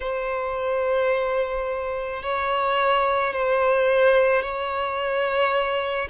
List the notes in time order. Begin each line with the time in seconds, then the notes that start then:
0.00 C5
2.22 C#5
3.33 C5
4.41 C#5